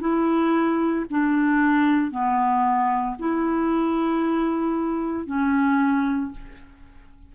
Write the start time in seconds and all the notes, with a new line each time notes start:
0.00 E4
1.10 D4
2.11 B3
3.19 E4
5.26 C#4